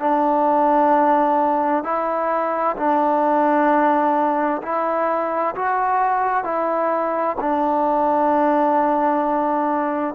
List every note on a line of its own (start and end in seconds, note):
0.00 1.84 D4
1.84 2.76 E4
2.77 4.62 D4
4.63 5.55 E4
5.55 6.44 F#4
6.44 7.36 E4
7.41 10.15 D4